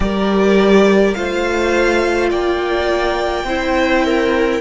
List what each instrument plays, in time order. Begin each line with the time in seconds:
0.00 cello G3, viola G4, violin A#4 D5
1.13 cello A3, viola F4, violin C5 F5
2.30 cello A#3, violin D5 G5
3.44 cello C4, viola E4, violin C5
4.04 violin A#4